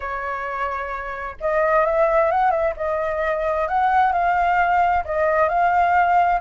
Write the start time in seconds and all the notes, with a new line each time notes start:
0.00 C#5
1.40 D#5
1.85 E5
2.31 F#5
2.50 E5
2.76 D#5
3.68 F#5
4.12 F5
5.05 D#5
5.48 F5